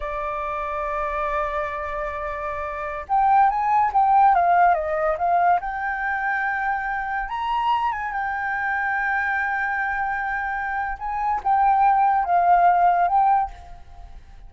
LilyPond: \new Staff \with { instrumentName = "flute" } { \time 4/4 \tempo 4 = 142 d''1~ | d''2.~ d''16 g''8.~ | g''16 gis''4 g''4 f''4 dis''8.~ | dis''16 f''4 g''2~ g''8.~ |
g''4~ g''16 ais''4. gis''8 g''8.~ | g''1~ | g''2 gis''4 g''4~ | g''4 f''2 g''4 | }